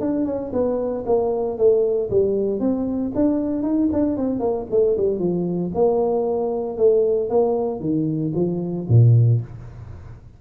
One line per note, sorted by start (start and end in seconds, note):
0.00 0.25 D4
0.25 0.51 C#4
0.52 1.04 B3
1.06 1.57 A#3
1.57 2.10 A3
2.10 2.59 G3
2.59 3.12 C4
3.14 3.62 D4
3.62 3.88 D#4
3.92 4.17 D4
4.17 4.39 C4
4.39 4.65 A#3
4.70 4.96 A3
4.97 5.19 G3
5.19 5.71 F3
5.74 6.77 A#3
6.77 7.29 A3
7.29 7.80 A#3
7.80 8.32 D#3
8.35 8.87 F3
8.88 9.41 A#2